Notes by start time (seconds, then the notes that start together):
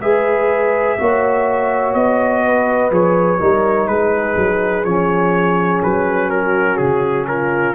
0.00 G#3 G#4 B4 E5
0.98 A#3 F#4 C#5
1.94 B3 D#5
2.46 B4
2.91 F3 G#4 C#5
3.39 G3 D#4 A#4
3.87 G#3 G#4 B4
4.37 F#3
4.84 F3 C#4 C#5
5.83 F#3 B4
6.30 F#4 A#4
6.77 C#3 G#4
7.27 F4 A#4